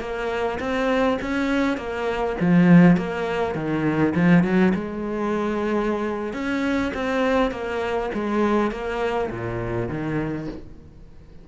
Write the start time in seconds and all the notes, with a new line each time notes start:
0.00 A#3
0.60 C4
1.22 C#4
1.77 A#3
2.40 F3
2.97 A#3
3.55 D#3
4.15 F3
4.44 F#3
4.75 G#3
6.33 C#4
6.94 C4
7.51 A#3
8.14 G#3
8.71 A#3
9.30 A#2
9.89 D#3